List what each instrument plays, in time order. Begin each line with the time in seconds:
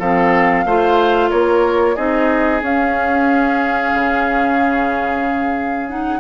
0.00 bassoon F3, clarinet C4, oboe A4, flute F5
0.65 bassoon A3, clarinet F4, oboe C5
1.31 bassoon A#3, oboe A#4, flute C#5
1.95 bassoon C4, clarinet D#4, oboe G#4, flute D#5
2.62 bassoon C#4, clarinet C#4, flute F5
3.95 bassoon C#3
5.89 clarinet D#4, flute F#5